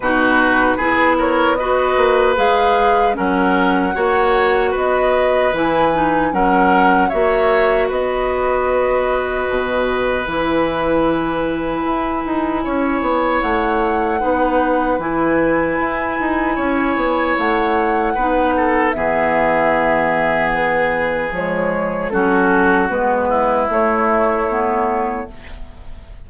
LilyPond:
<<
  \new Staff \with { instrumentName = "flute" } { \time 4/4 \tempo 4 = 76 b'4. cis''8 dis''4 f''4 | fis''2 dis''4 gis''4 | fis''4 e''4 dis''2~ | dis''4 gis''2.~ |
gis''4 fis''2 gis''4~ | gis''2 fis''2 | e''2 b'4 cis''4 | a'4 b'4 cis''2 | }
  \new Staff \with { instrumentName = "oboe" } { \time 4/4 fis'4 gis'8 ais'8 b'2 | ais'4 cis''4 b'2 | ais'4 cis''4 b'2~ | b'1 |
cis''2 b'2~ | b'4 cis''2 b'8 a'8 | gis'1 | fis'4. e'2~ e'8 | }
  \new Staff \with { instrumentName = "clarinet" } { \time 4/4 dis'4 e'4 fis'4 gis'4 | cis'4 fis'2 e'8 dis'8 | cis'4 fis'2.~ | fis'4 e'2.~ |
e'2 dis'4 e'4~ | e'2. dis'4 | b2. gis4 | cis'4 b4 a4 b4 | }
  \new Staff \with { instrumentName = "bassoon" } { \time 4/4 b,4 b4. ais8 gis4 | fis4 ais4 b4 e4 | fis4 ais4 b2 | b,4 e2 e'8 dis'8 |
cis'8 b8 a4 b4 e4 | e'8 dis'8 cis'8 b8 a4 b4 | e2. f4 | fis4 gis4 a2 | }
>>